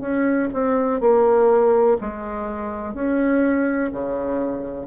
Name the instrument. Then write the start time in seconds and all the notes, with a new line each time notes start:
bassoon
0.00 C#4
0.53 C4
1.00 A#3
2.00 G#3
2.93 C#4
3.92 C#3